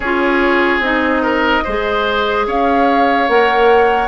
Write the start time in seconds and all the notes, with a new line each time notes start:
0.00 C#4 F4 G#4 C#5
0.79 C4 D#4 D#5
1.22 A#4
1.64 G#3 G#4 C5
2.46 C#4 C#5 F5
3.28 A#3 A#4 F#5